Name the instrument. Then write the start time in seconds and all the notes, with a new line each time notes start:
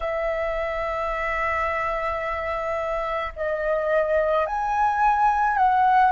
flute
0.00 E5
3.35 D#5
4.46 G#5
5.57 F#5